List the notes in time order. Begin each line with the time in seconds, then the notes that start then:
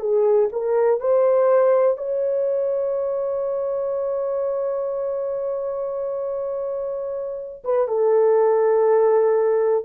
0.00 G#4
0.53 A#4
1.01 C5
1.98 C#5
7.65 B4
7.88 A4